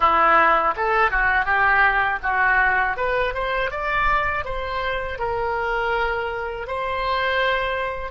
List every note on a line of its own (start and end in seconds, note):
0.00 0.74 E4
0.76 1.10 A4
1.10 1.45 F#4
1.45 2.19 G4
2.22 2.96 F#4
2.96 3.33 B4
3.34 3.70 C5
3.70 4.44 D5
4.44 5.19 C5
5.19 6.67 A#4
6.67 8.11 C5